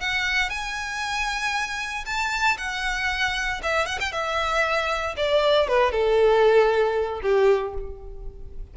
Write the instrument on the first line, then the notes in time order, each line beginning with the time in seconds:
violin
0.00 F#5
0.49 G#5
2.05 A5
2.57 F#5
3.62 E5
3.86 F#5
3.99 G5
4.11 E5
5.17 D5
5.68 B4
5.91 A4
7.22 G4